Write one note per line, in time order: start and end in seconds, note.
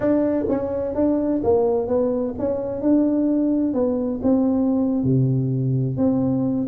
0.00 0.45 D4
0.48 0.94 C#4
0.94 1.41 D4
1.43 1.87 A#3
1.87 2.34 B3
2.38 2.81 C#4
2.81 3.73 D4
3.73 4.20 B3
4.23 5.03 C4
5.03 5.97 C3
5.97 6.67 C4